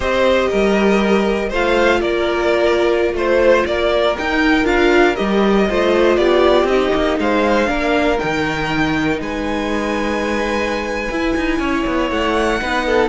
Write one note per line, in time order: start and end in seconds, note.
0.00 0.49 C4
0.00 1.51 G4
0.00 0.48 C5
0.00 1.52 D#5
0.50 1.52 G3
0.50 1.49 A#4
1.49 2.01 A3
1.49 4.17 F4
1.49 1.99 C5
1.49 2.01 F5
2.01 3.13 A#3
2.01 3.14 A#4
2.01 3.14 D5
3.13 3.63 A3
3.13 3.67 C5
3.13 3.66 C5
3.66 4.16 A#3
3.66 5.69 A#4
3.66 4.16 D5
4.17 4.64 D#4
4.17 4.65 G5
4.64 5.14 D4
4.64 5.15 F4
4.64 5.15 F5
5.15 5.69 G3
5.15 5.66 G4
5.15 6.16 D#5
5.69 6.17 A3
5.69 6.70 F4
5.69 6.18 C5
6.16 6.63 B3
6.16 7.19 G4
6.16 6.66 D5
6.63 6.89 C4
6.63 7.17 D#5
6.70 7.66 D#4
6.94 7.18 A#3
7.18 7.68 G#3
7.18 7.69 C5
7.18 8.18 F5
7.66 8.18 A#3
7.66 8.17 D4
7.66 9.20 A#4
8.18 9.19 D#3
8.18 11.08 D#4
8.18 9.19 G5
9.19 11.09 G#3
9.19 11.59 B4
9.19 12.10 G#5
11.10 11.35 E4
11.10 12.60 E4
11.36 11.59 D#4
11.59 11.84 C#4
11.59 12.60 C#5
11.86 12.11 B3
12.10 12.61 A3
12.10 13.09 F#5
12.60 13.09 B3
12.60 13.09 D#4
12.60 12.86 B4
12.86 13.09 A4